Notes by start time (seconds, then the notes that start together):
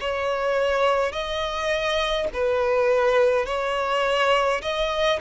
0.00 C#5
1.12 D#5
2.33 B4
3.46 C#5
4.62 D#5